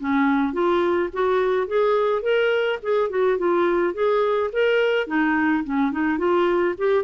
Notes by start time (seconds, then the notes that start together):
0.00 C#4
0.53 F4
1.13 F#4
1.67 G#4
2.23 A#4
2.83 G#4
3.10 F#4
3.39 F4
3.94 G#4
4.53 A#4
5.07 D#4
5.64 C#4
5.92 D#4
6.18 F4
6.78 G4